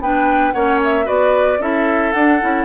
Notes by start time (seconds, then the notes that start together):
0.00 B3 D4 B4 G5
0.53 A#3 C#4 C#5 F#5
0.84 E5
1.04 B3 F#4 B4 D5
1.59 C#4 E4 A4 E5
2.12 D4 F#5
2.41 C#4 E4